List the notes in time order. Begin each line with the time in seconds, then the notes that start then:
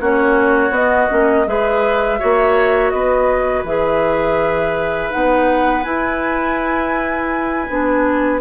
0.00 A#3 C#4 F#4 C#5
0.70 B3 D#5
1.09 A#3 C#4
1.46 G#3 G#4 B4 E5
2.19 A#3 F#4 C#5
2.90 B3 B4 D#5
3.64 E3 G#4 E5
5.10 B3 D#4 F#5
5.83 E4 G#5
7.69 B3 D4